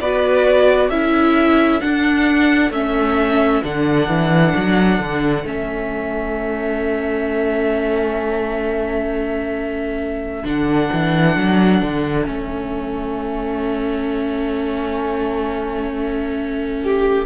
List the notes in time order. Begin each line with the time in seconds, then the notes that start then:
0.00 B3 F#4 B4 D5
0.88 C#4 E4 A4 E5
1.81 D4 F#5
2.70 A3 C#4 E5
3.63 D3 D4 F#5
4.08 E3
4.56 F#3
4.99 D3
5.44 A3 C#4 E5
10.44 D3 D4 F#5
10.93 E3
11.37 F#3
11.82 D3
12.26 A3 C#4 E5
16.84 G4